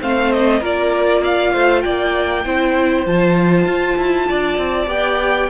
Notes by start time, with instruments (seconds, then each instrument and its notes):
0.00 cello A3, viola C4, violin C5 F5
0.33 violin D#5
0.60 cello A#3, viola F4, violin A#4 D5
1.22 violin D5 F5
1.53 cello A3, violin C5
1.81 cello A#3, violin D5 G5
2.45 cello C4, viola E4, violin C5
3.06 cello F3, viola F4, violin A5
3.65 cello F4
3.97 cello E4
4.28 cello D4, violin D5
4.58 cello C4
4.87 cello B3, viola G4, violin G5